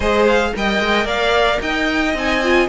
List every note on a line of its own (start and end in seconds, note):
0.00 0.53 G#3
0.00 0.53 G#4
0.00 0.50 C5
0.00 0.26 D#5
0.27 0.54 F5
0.53 0.79 G3
0.53 2.14 A#4
0.53 1.05 D#5
0.53 1.07 G5
0.79 1.04 G#3
1.04 1.58 A#3
1.04 1.59 D5
1.04 1.60 F5
1.61 2.14 D#4
1.61 2.68 D#5
1.61 2.15 G5
2.14 2.68 C4
2.14 2.42 D#4
2.14 2.68 G#5
2.43 2.68 F4